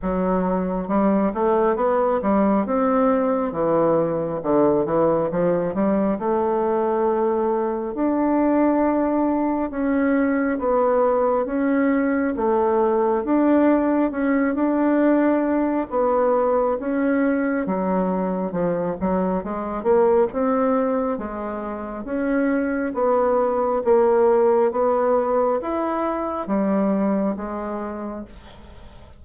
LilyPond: \new Staff \with { instrumentName = "bassoon" } { \time 4/4 \tempo 4 = 68 fis4 g8 a8 b8 g8 c'4 | e4 d8 e8 f8 g8 a4~ | a4 d'2 cis'4 | b4 cis'4 a4 d'4 |
cis'8 d'4. b4 cis'4 | fis4 f8 fis8 gis8 ais8 c'4 | gis4 cis'4 b4 ais4 | b4 e'4 g4 gis4 | }